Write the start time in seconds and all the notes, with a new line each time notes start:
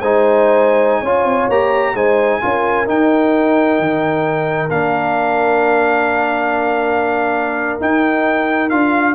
0.00 G#3 D#4 C5 G#5
1.00 C#4 F4 C#5
1.25 C4
1.49 A#3 G4 A#5
1.94 G#3 D#4 C5 G#5
2.41 C#4 F4 A#4
2.86 D#4 G5
3.79 D#3
4.70 A#3 D4 F5
7.80 D#4 G5
8.69 D4 F4 F5